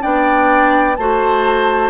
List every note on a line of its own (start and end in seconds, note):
0.00 0.97 B3
0.00 0.95 D4
0.00 0.97 D5
0.00 0.96 G5
0.96 1.90 A3
0.96 1.90 F#4
0.96 1.90 C5
0.96 1.90 A5